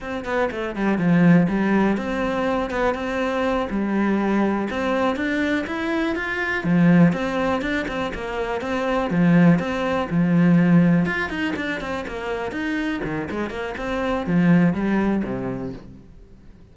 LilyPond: \new Staff \with { instrumentName = "cello" } { \time 4/4 \tempo 4 = 122 c'8 b8 a8 g8 f4 g4 | c'4. b8 c'4. g8~ | g4. c'4 d'4 e'8~ | e'8 f'4 f4 c'4 d'8 |
c'8 ais4 c'4 f4 c'8~ | c'8 f2 f'8 dis'8 d'8 | c'8 ais4 dis'4 dis8 gis8 ais8 | c'4 f4 g4 c4 | }